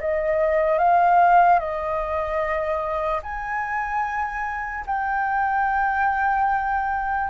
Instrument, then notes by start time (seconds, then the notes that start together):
flute
0.00 D#5
0.78 F5
1.59 D#5
3.22 G#5
4.86 G5